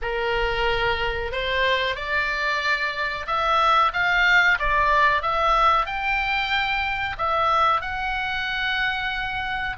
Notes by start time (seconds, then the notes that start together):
0.02 A#4
1.32 C5
1.95 D5
3.26 E5
3.93 F5
4.59 D5
5.22 E5
5.86 G5
7.18 E5
7.81 F#5